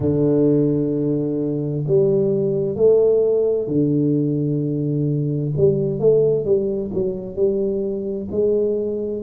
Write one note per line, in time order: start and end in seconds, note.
0.00 1.85 D3
1.87 2.75 G3
2.75 3.67 A3
3.67 5.52 D3
5.56 5.99 G3
5.99 6.44 A3
6.44 6.91 G3
6.93 7.36 F#3
7.36 8.28 G3
8.31 9.23 G#3